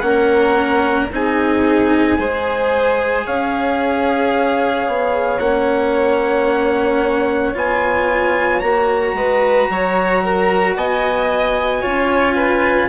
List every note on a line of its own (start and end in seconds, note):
0.00 1.09 A#3
0.00 1.10 C#4
0.00 1.13 A#4
0.00 1.07 F#5
1.12 2.19 C4
1.12 2.18 D#4
1.12 2.19 G#4
1.12 3.27 G#5
2.18 3.26 G#3
2.18 5.40 G#4
2.18 3.26 C5
3.26 4.88 C#4
3.26 9.16 C#5
3.26 5.39 F5
4.88 5.39 B3
5.39 7.54 A#3
5.39 7.54 C#4
5.39 7.54 F#5
7.54 8.62 B3
7.54 8.62 F4
7.54 8.60 G#5
8.60 9.14 A#3
8.60 11.83 F#4
8.60 10.75 A#5
9.14 9.67 G#3
9.14 9.71 B4
9.70 10.76 F#3
9.70 10.24 C#5
10.24 10.77 A#4
10.76 11.83 B3
10.76 11.82 D#5
10.76 12.90 G#5
11.82 12.90 C#4
11.82 12.90 F4
11.82 12.35 C#5
12.36 12.89 B4